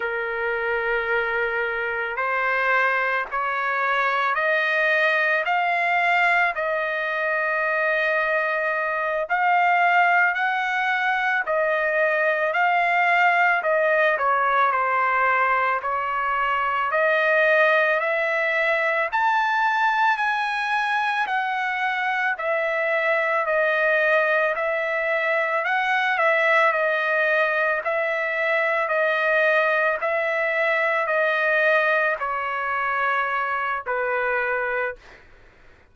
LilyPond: \new Staff \with { instrumentName = "trumpet" } { \time 4/4 \tempo 4 = 55 ais'2 c''4 cis''4 | dis''4 f''4 dis''2~ | dis''8 f''4 fis''4 dis''4 f''8~ | f''8 dis''8 cis''8 c''4 cis''4 dis''8~ |
dis''8 e''4 a''4 gis''4 fis''8~ | fis''8 e''4 dis''4 e''4 fis''8 | e''8 dis''4 e''4 dis''4 e''8~ | e''8 dis''4 cis''4. b'4 | }